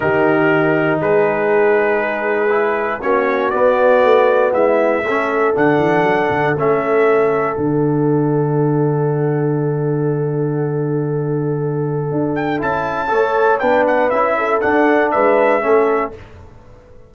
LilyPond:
<<
  \new Staff \with { instrumentName = "trumpet" } { \time 4/4 \tempo 4 = 119 ais'2 b'2~ | b'2 cis''4 d''4~ | d''4 e''2 fis''4~ | fis''4 e''2 fis''4~ |
fis''1~ | fis''1~ | fis''8 g''8 a''2 g''8 fis''8 | e''4 fis''4 e''2 | }
  \new Staff \with { instrumentName = "horn" } { \time 4/4 g'2 gis'2~ | gis'2 fis'2~ | fis'4 e'4 a'2~ | a'1~ |
a'1~ | a'1~ | a'2 cis''4 b'4~ | b'8 a'4. b'4 a'4 | }
  \new Staff \with { instrumentName = "trombone" } { \time 4/4 dis'1~ | dis'4 e'4 cis'4 b4~ | b2 cis'4 d'4~ | d'4 cis'2 d'4~ |
d'1~ | d'1~ | d'4 e'4 a'4 d'4 | e'4 d'2 cis'4 | }
  \new Staff \with { instrumentName = "tuba" } { \time 4/4 dis2 gis2~ | gis2 ais4 b4 | a4 gis4 a4 d8 e8 | fis8 d8 a2 d4~ |
d1~ | d1 | d'4 cis'4 a4 b4 | cis'4 d'4 gis4 a4 | }
>>